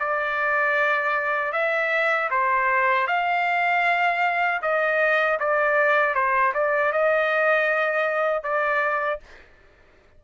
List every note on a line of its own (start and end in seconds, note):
0.00 1.53 D5
1.53 2.30 E5
2.31 3.08 C5
3.08 4.62 F5
4.62 5.39 D#5
5.40 6.15 D5
6.15 6.53 C5
6.55 6.93 D5
6.93 8.44 D#5
8.44 9.21 D5